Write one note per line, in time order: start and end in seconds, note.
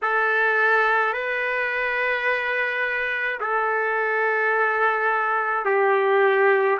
0.02 1.13 A4
1.13 3.39 B4
3.40 5.65 A4
5.65 6.78 G4